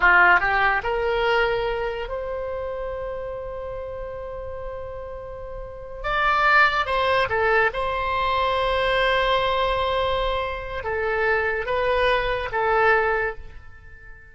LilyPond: \new Staff \with { instrumentName = "oboe" } { \time 4/4 \tempo 4 = 144 f'4 g'4 ais'2~ | ais'4 c''2.~ | c''1~ | c''2~ c''8 d''4.~ |
d''8 c''4 a'4 c''4.~ | c''1~ | c''2 a'2 | b'2 a'2 | }